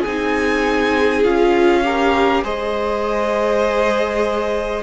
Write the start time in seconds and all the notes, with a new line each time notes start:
0.00 C4 G#4 G#5
0.07 D#4
1.24 C#4 F4 F5
1.83 G4 A#4
2.43 G#3 G#4 C5 D#5